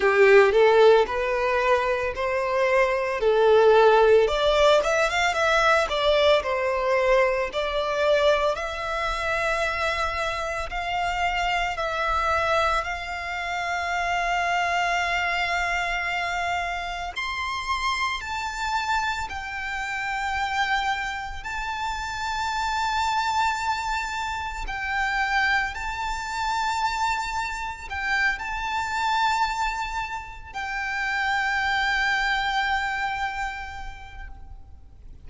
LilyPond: \new Staff \with { instrumentName = "violin" } { \time 4/4 \tempo 4 = 56 g'8 a'8 b'4 c''4 a'4 | d''8 e''16 f''16 e''8 d''8 c''4 d''4 | e''2 f''4 e''4 | f''1 |
c'''4 a''4 g''2 | a''2. g''4 | a''2 g''8 a''4.~ | a''8 g''2.~ g''8 | }